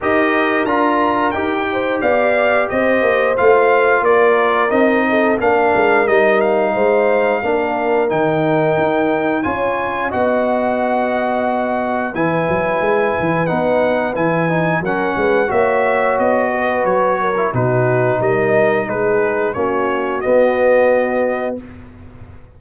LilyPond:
<<
  \new Staff \with { instrumentName = "trumpet" } { \time 4/4 \tempo 4 = 89 dis''4 ais''4 g''4 f''4 | dis''4 f''4 d''4 dis''4 | f''4 dis''8 f''2~ f''8 | g''2 gis''4 fis''4~ |
fis''2 gis''2 | fis''4 gis''4 fis''4 e''4 | dis''4 cis''4 b'4 dis''4 | b'4 cis''4 dis''2 | }
  \new Staff \with { instrumentName = "horn" } { \time 4/4 ais'2~ ais'8 c''8 d''4 | c''2 ais'4. a'8 | ais'2 c''4 ais'4~ | ais'2 cis''4 dis''4~ |
dis''2 b'2~ | b'2 ais'8 b'8 cis''4~ | cis''8 b'4 ais'8 fis'4 ais'4 | gis'4 fis'2. | }
  \new Staff \with { instrumentName = "trombone" } { \time 4/4 g'4 f'4 g'2~ | g'4 f'2 dis'4 | d'4 dis'2 d'4 | dis'2 f'4 fis'4~ |
fis'2 e'2 | dis'4 e'8 dis'8 cis'4 fis'4~ | fis'4.~ fis'16 e'16 dis'2~ | dis'4 cis'4 b2 | }
  \new Staff \with { instrumentName = "tuba" } { \time 4/4 dis'4 d'4 dis'4 b4 | c'8 ais8 a4 ais4 c'4 | ais8 gis8 g4 gis4 ais4 | dis4 dis'4 cis'4 b4~ |
b2 e8 fis8 gis8 e8 | b4 e4 fis8 gis8 ais4 | b4 fis4 b,4 g4 | gis4 ais4 b2 | }
>>